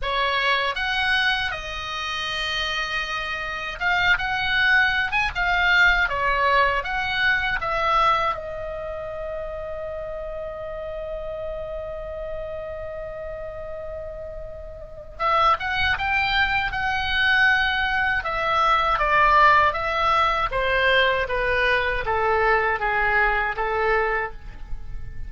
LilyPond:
\new Staff \with { instrumentName = "oboe" } { \time 4/4 \tempo 4 = 79 cis''4 fis''4 dis''2~ | dis''4 f''8 fis''4~ fis''16 gis''16 f''4 | cis''4 fis''4 e''4 dis''4~ | dis''1~ |
dis''1 | e''8 fis''8 g''4 fis''2 | e''4 d''4 e''4 c''4 | b'4 a'4 gis'4 a'4 | }